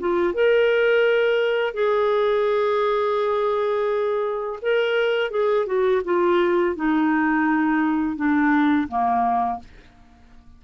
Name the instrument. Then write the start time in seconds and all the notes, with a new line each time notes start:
clarinet
0.00 F4
0.34 A#4
1.74 G#4
4.62 A#4
5.31 G#4
5.67 F#4
6.05 F4
6.76 D#4
8.17 D4
8.88 A#3